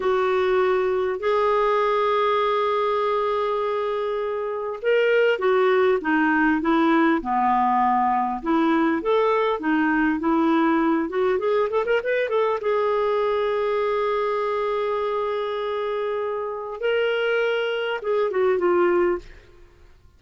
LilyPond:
\new Staff \with { instrumentName = "clarinet" } { \time 4/4 \tempo 4 = 100 fis'2 gis'2~ | gis'1 | ais'4 fis'4 dis'4 e'4 | b2 e'4 a'4 |
dis'4 e'4. fis'8 gis'8 a'16 ais'16 | b'8 a'8 gis'2.~ | gis'1 | ais'2 gis'8 fis'8 f'4 | }